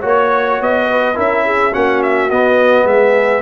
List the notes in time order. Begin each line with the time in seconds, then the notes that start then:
0.00 A#3 F#4 C#5
0.06 C#5
0.60 B3 D#5
0.90 B4
1.14 C#4 E4 A#4 E5
1.45 G#4
1.72 A#3 C#4 F#4 F#5
2.03 E5
2.30 B3 D#5
2.84 G#3 G#4 E5